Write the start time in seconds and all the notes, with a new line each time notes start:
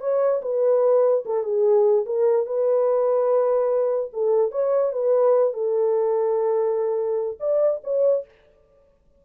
0.00 C#5
0.42 B4
1.26 A4
1.43 G#4
2.06 A#4
2.46 B4
4.13 A4
4.51 C#5
4.93 B4
5.53 A4
7.40 D5
7.84 C#5